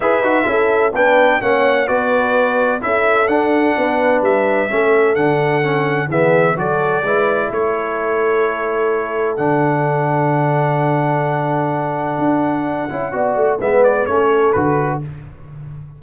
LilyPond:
<<
  \new Staff \with { instrumentName = "trumpet" } { \time 4/4 \tempo 4 = 128 e''2 g''4 fis''4 | d''2 e''4 fis''4~ | fis''4 e''2 fis''4~ | fis''4 e''4 d''2 |
cis''1 | fis''1~ | fis''1~ | fis''4 e''8 d''8 cis''4 b'4 | }
  \new Staff \with { instrumentName = "horn" } { \time 4/4 b'4 a'4 b'4 cis''4 | b'2 a'2 | b'2 a'2~ | a'4 gis'4 a'4 b'4 |
a'1~ | a'1~ | a'1 | d''4 b'4 a'2 | }
  \new Staff \with { instrumentName = "trombone" } { \time 4/4 gis'8 fis'8 e'4 d'4 cis'4 | fis'2 e'4 d'4~ | d'2 cis'4 d'4 | cis'4 b4 fis'4 e'4~ |
e'1 | d'1~ | d'2.~ d'8 e'8 | fis'4 b4 cis'4 fis'4 | }
  \new Staff \with { instrumentName = "tuba" } { \time 4/4 e'8 dis'8 cis'4 b4 ais4 | b2 cis'4 d'4 | b4 g4 a4 d4~ | d4 e4 fis4 gis4 |
a1 | d1~ | d2 d'4. cis'8 | b8 a8 gis4 a4 d4 | }
>>